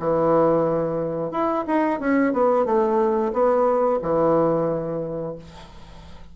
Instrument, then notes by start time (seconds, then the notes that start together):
bassoon
0.00 E3
1.32 E4
1.67 D#4
2.00 C#4
2.33 B3
2.66 A3
3.33 B3
4.03 E3